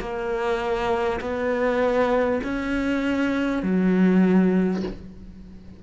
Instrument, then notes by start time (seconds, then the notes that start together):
cello
0.00 A#3
1.21 B3
2.43 C#4
3.63 F#3